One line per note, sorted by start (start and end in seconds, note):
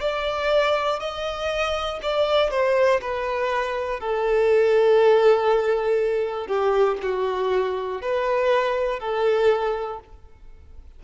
0.00 1.00 D5
1.00 2.00 D#5
2.02 2.50 D5
2.50 3.00 C5
3.00 4.00 B4
4.00 6.47 A4
6.47 6.97 G4
7.02 8.01 F#4
8.01 9.00 B4
9.00 10.00 A4